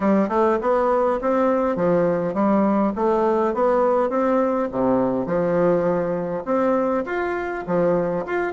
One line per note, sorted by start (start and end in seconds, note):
0.00 0.29 G3
0.29 0.58 A3
0.61 1.20 B3
1.21 1.76 C4
1.76 2.34 F3
2.34 2.93 G3
2.95 3.54 A3
3.54 4.09 B3
4.09 4.68 C4
4.71 5.25 C3
5.25 6.43 F3
6.45 7.04 C4
7.05 7.64 F4
7.66 8.25 F3
8.26 8.53 F4